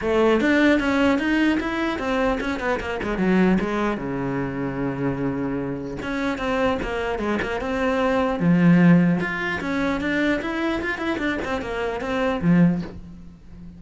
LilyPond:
\new Staff \with { instrumentName = "cello" } { \time 4/4 \tempo 4 = 150 a4 d'4 cis'4 dis'4 | e'4 c'4 cis'8 b8 ais8 gis8 | fis4 gis4 cis2~ | cis2. cis'4 |
c'4 ais4 gis8 ais8 c'4~ | c'4 f2 f'4 | cis'4 d'4 e'4 f'8 e'8 | d'8 c'8 ais4 c'4 f4 | }